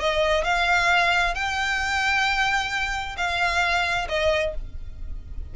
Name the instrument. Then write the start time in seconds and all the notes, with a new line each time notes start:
violin
0.00 D#5
0.44 F5
1.35 G5
3.17 F5
4.09 D#5